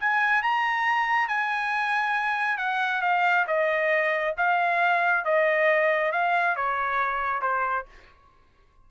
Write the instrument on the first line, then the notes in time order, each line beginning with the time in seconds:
trumpet
0.00 G#5
0.42 A#5
1.28 G#5
2.58 F#5
3.02 F5
3.47 D#5
4.37 F5
5.25 D#5
6.12 F5
6.56 C#5
7.42 C5